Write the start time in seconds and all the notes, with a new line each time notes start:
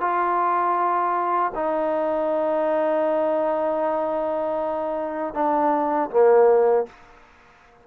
0.00 F4
1.55 D#4
5.34 D4
6.10 A#3